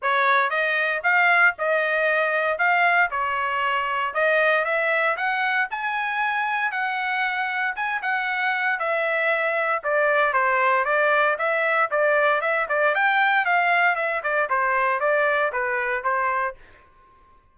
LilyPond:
\new Staff \with { instrumentName = "trumpet" } { \time 4/4 \tempo 4 = 116 cis''4 dis''4 f''4 dis''4~ | dis''4 f''4 cis''2 | dis''4 e''4 fis''4 gis''4~ | gis''4 fis''2 gis''8 fis''8~ |
fis''4 e''2 d''4 | c''4 d''4 e''4 d''4 | e''8 d''8 g''4 f''4 e''8 d''8 | c''4 d''4 b'4 c''4 | }